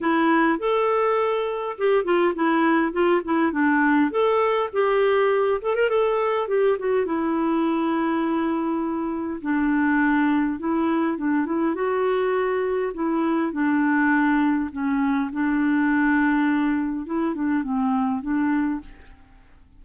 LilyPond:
\new Staff \with { instrumentName = "clarinet" } { \time 4/4 \tempo 4 = 102 e'4 a'2 g'8 f'8 | e'4 f'8 e'8 d'4 a'4 | g'4. a'16 ais'16 a'4 g'8 fis'8 | e'1 |
d'2 e'4 d'8 e'8 | fis'2 e'4 d'4~ | d'4 cis'4 d'2~ | d'4 e'8 d'8 c'4 d'4 | }